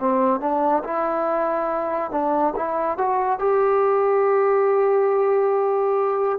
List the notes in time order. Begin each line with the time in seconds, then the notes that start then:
0.00 C4
0.41 D4
0.84 E4
2.11 D4
2.56 E4
2.98 F#4
3.39 G4